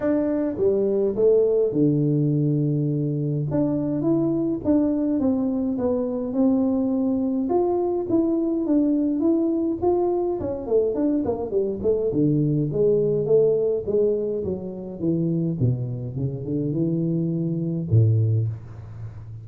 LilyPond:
\new Staff \with { instrumentName = "tuba" } { \time 4/4 \tempo 4 = 104 d'4 g4 a4 d4~ | d2 d'4 e'4 | d'4 c'4 b4 c'4~ | c'4 f'4 e'4 d'4 |
e'4 f'4 cis'8 a8 d'8 ais8 | g8 a8 d4 gis4 a4 | gis4 fis4 e4 b,4 | cis8 d8 e2 a,4 | }